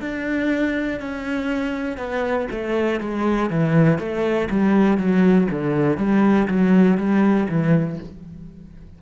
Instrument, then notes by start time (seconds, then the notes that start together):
cello
0.00 D4
0.99 C#4
1.97 B3
2.50 A3
3.00 G#3
3.49 E3
3.98 A3
4.50 G3
4.97 F#3
5.50 D3
5.97 G3
6.47 F#3
6.97 G3
7.49 E3